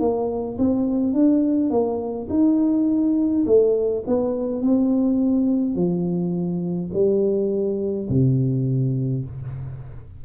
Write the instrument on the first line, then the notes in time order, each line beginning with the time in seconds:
tuba
0.00 A#3
0.58 C4
1.13 D4
1.70 A#3
2.30 D#4
3.46 A3
4.07 B3
4.62 C4
5.75 F3
6.93 G3
8.10 C3